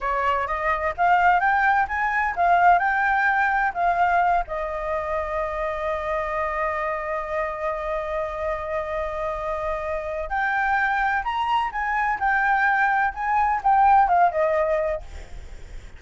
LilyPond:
\new Staff \with { instrumentName = "flute" } { \time 4/4 \tempo 4 = 128 cis''4 dis''4 f''4 g''4 | gis''4 f''4 g''2 | f''4. dis''2~ dis''8~ | dis''1~ |
dis''1~ | dis''2 g''2 | ais''4 gis''4 g''2 | gis''4 g''4 f''8 dis''4. | }